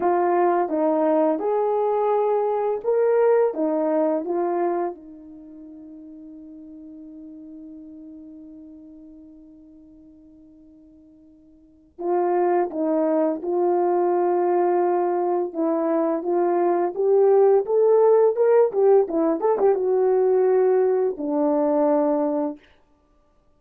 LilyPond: \new Staff \with { instrumentName = "horn" } { \time 4/4 \tempo 4 = 85 f'4 dis'4 gis'2 | ais'4 dis'4 f'4 dis'4~ | dis'1~ | dis'1~ |
dis'4 f'4 dis'4 f'4~ | f'2 e'4 f'4 | g'4 a'4 ais'8 g'8 e'8 a'16 g'16 | fis'2 d'2 | }